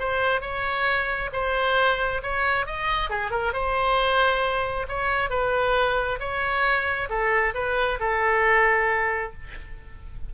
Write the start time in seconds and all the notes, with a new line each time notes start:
0.00 C5
0.42 C#5
1.33 C5
2.23 C#5
2.67 D#5
3.10 G#4
3.31 A#4
3.54 C5
4.89 C#5
5.31 B4
6.20 C#5
7.10 A4
7.55 B4
8.00 A4